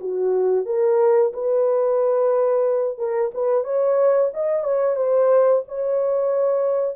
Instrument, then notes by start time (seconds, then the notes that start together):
horn
0.00 F#4
0.65 A#4
1.33 B4
2.98 A#4
3.34 B4
3.64 C#5
4.33 D#5
4.63 C#5
4.96 C5
5.68 C#5